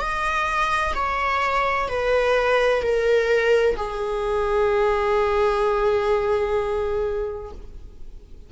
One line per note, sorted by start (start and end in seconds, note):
0.00 0.94 D#5
0.95 1.88 C#5
1.88 2.82 B4
2.83 3.76 A#4
3.77 7.52 G#4